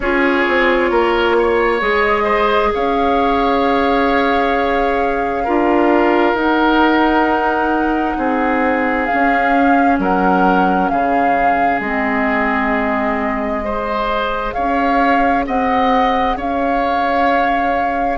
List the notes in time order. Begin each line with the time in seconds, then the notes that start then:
0.00 C#4 F4 G#4 C#5
0.48 C4
0.90 A#3 A#4
1.38 C#5
1.80 G#3 G#4 D#5
2.23 C5
2.74 C#4 C#5 F5
5.44 D4 F4 A#4
6.33 D#4 F#5
8.17 C4 G#4
9.05 C#4 F5
9.14 C#4
9.98 F#3 A#4 F#5
10.88 C#3 G#4 F5
11.79 G#3 C4 D#5
13.64 G#4 C5
14.52 C#4 C#5 F5
15.46 C4 D#5 F#5
16.36 C#4 C#5 F5